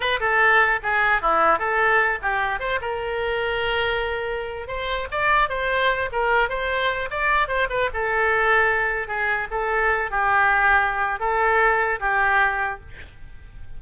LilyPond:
\new Staff \with { instrumentName = "oboe" } { \time 4/4 \tempo 4 = 150 b'8 a'4. gis'4 e'4 | a'4. g'4 c''8 ais'4~ | ais'2.~ ais'8. c''16~ | c''8. d''4 c''4. ais'8.~ |
ais'16 c''4. d''4 c''8 b'8 a'16~ | a'2~ a'8. gis'4 a'16~ | a'4~ a'16 g'2~ g'8. | a'2 g'2 | }